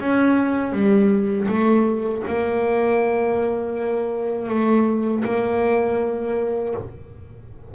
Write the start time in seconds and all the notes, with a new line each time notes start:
0.00 C#4
0.73 G3
1.48 A3
2.28 A#3
4.49 A3
5.25 A#3